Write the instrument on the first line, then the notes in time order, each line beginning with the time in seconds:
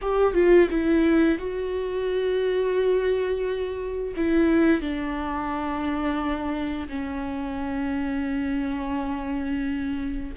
viola
0.01 G4
0.33 F4
0.70 E4
1.38 F#4
4.16 E4
4.81 D4
6.88 C#4